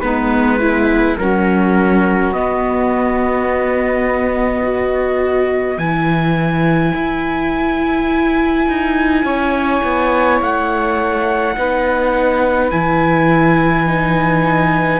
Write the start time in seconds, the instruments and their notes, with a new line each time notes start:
0.00 cello G#3, viola B3, saxophone D#4, trumpet B4
0.60 saxophone B3, viola E4
1.18 cello F#3, viola C#4, saxophone F#4, trumpet A#4
2.31 cello B3, viola B3, trumpet D#5
4.62 viola F#4, saxophone B4
5.77 cello E3, viola E4, trumpet G#5
6.94 cello E4
8.68 cello D#4
9.23 cello C#4, saxophone C#5
9.83 cello B3
10.41 cello A3, trumpet F#5
11.56 cello B3, viola D#4, saxophone B4
12.70 cello E3, viola E4, trumpet G#5
13.86 viola D#4